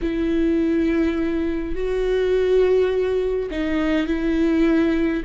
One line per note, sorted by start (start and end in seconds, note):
0.01 1.75 E4
1.75 3.50 F#4
3.50 4.06 D#4
4.06 5.23 E4